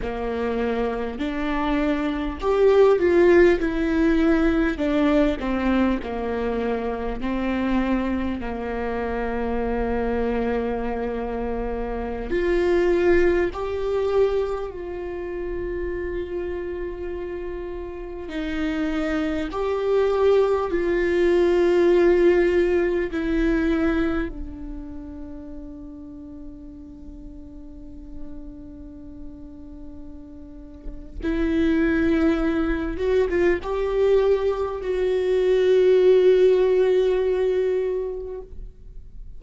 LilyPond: \new Staff \with { instrumentName = "viola" } { \time 4/4 \tempo 4 = 50 ais4 d'4 g'8 f'8 e'4 | d'8 c'8 ais4 c'4 ais4~ | ais2~ ais16 f'4 g'8.~ | g'16 f'2. dis'8.~ |
dis'16 g'4 f'2 e'8.~ | e'16 d'2.~ d'8.~ | d'2 e'4. fis'16 f'16 | g'4 fis'2. | }